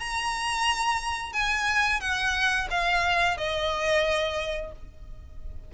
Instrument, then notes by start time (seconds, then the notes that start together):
violin
0.00 A#5
1.33 G#5
2.01 F#5
2.71 F5
3.37 D#5